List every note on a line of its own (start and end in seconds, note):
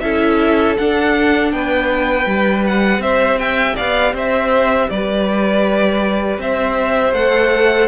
0.00 0.78 C#4
0.00 0.78 E4
0.00 1.54 A4
0.00 0.75 E5
0.78 1.53 D4
0.78 2.27 D4
0.78 1.52 F#5
1.52 2.26 B3
1.52 3.02 B4
1.52 2.65 G5
2.26 2.98 G3
2.26 7.14 G4
2.67 3.02 F#5
2.98 3.73 C4
2.98 3.39 C5
2.98 3.39 E5
3.39 3.76 E5
3.39 3.76 G5
3.76 4.13 B3
3.76 4.14 D5
3.76 4.15 F5
4.13 4.88 C4
4.13 4.89 C5
4.13 4.90 E5
4.90 6.38 G3
4.90 6.42 B4
4.90 6.40 D5
6.38 7.13 C4
6.38 7.88 C5
6.38 7.14 E5
7.13 7.88 A3
7.13 7.88 A4
7.13 7.88 F#5